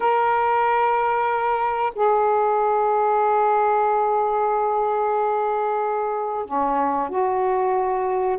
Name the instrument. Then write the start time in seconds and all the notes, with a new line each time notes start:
saxophone
0.00 A#4
1.95 G#4
6.45 C#4
7.09 F#4